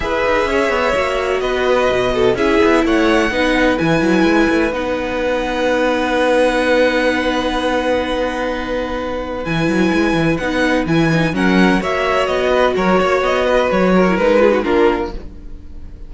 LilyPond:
<<
  \new Staff \with { instrumentName = "violin" } { \time 4/4 \tempo 4 = 127 e''2. dis''4~ | dis''4 e''4 fis''2 | gis''2 fis''2~ | fis''1~ |
fis''1 | gis''2 fis''4 gis''4 | fis''4 e''4 dis''4 cis''4 | dis''4 cis''4 b'4 ais'4 | }
  \new Staff \with { instrumentName = "violin" } { \time 4/4 b'4 cis''2 b'4~ | b'8 a'8 gis'4 cis''4 b'4~ | b'1~ | b'1~ |
b'1~ | b'1 | ais'4 cis''4. b'8 ais'8 cis''8~ | cis''8 b'4 ais'4 gis'16 fis'16 f'4 | }
  \new Staff \with { instrumentName = "viola" } { \time 4/4 gis'2 fis'2~ | fis'4 e'2 dis'4 | e'2 dis'2~ | dis'1~ |
dis'1 | e'2 dis'4 e'8 dis'8 | cis'4 fis'2.~ | fis'4.~ fis'16 e'16 dis'8 f'16 dis'16 d'4 | }
  \new Staff \with { instrumentName = "cello" } { \time 4/4 e'8 dis'8 cis'8 b8 ais4 b4 | b,4 cis'8 b8 a4 b4 | e8 fis8 gis8 a8 b2~ | b1~ |
b1 | e8 fis8 gis8 e8 b4 e4 | fis4 ais4 b4 fis8 ais8 | b4 fis4 gis4 ais4 | }
>>